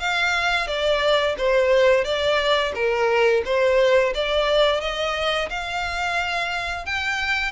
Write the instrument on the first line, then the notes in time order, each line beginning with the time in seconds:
violin
0.00 F5
0.68 D5
1.38 C5
2.05 D5
2.75 A#4
3.46 C5
4.15 D5
4.81 D#5
5.50 F5
6.86 G5